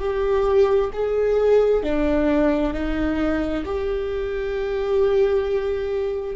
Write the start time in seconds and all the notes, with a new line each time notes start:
0.00 G4
0.93 G#4
1.83 D4
2.74 D#4
3.65 G4